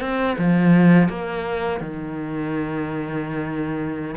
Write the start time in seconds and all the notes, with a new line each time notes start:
0.00 C4
0.37 F3
1.08 A#3
1.80 D#3